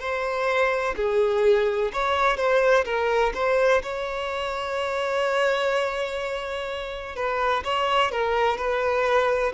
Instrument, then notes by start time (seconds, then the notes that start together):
violin
0.00 C5
0.97 G#4
1.94 C#5
2.37 C5
2.85 A#4
3.35 C5
3.83 C#5
7.16 B4
7.65 C#5
8.12 A#4
8.58 B4